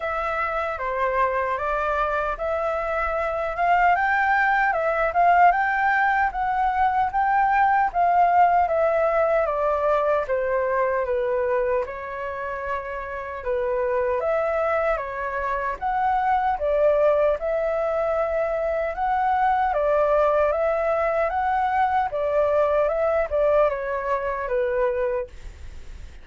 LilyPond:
\new Staff \with { instrumentName = "flute" } { \time 4/4 \tempo 4 = 76 e''4 c''4 d''4 e''4~ | e''8 f''8 g''4 e''8 f''8 g''4 | fis''4 g''4 f''4 e''4 | d''4 c''4 b'4 cis''4~ |
cis''4 b'4 e''4 cis''4 | fis''4 d''4 e''2 | fis''4 d''4 e''4 fis''4 | d''4 e''8 d''8 cis''4 b'4 | }